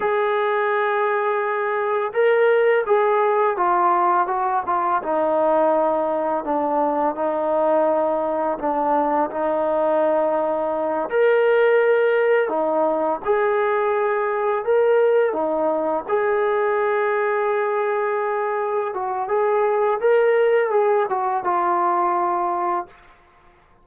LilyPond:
\new Staff \with { instrumentName = "trombone" } { \time 4/4 \tempo 4 = 84 gis'2. ais'4 | gis'4 f'4 fis'8 f'8 dis'4~ | dis'4 d'4 dis'2 | d'4 dis'2~ dis'8 ais'8~ |
ais'4. dis'4 gis'4.~ | gis'8 ais'4 dis'4 gis'4.~ | gis'2~ gis'8 fis'8 gis'4 | ais'4 gis'8 fis'8 f'2 | }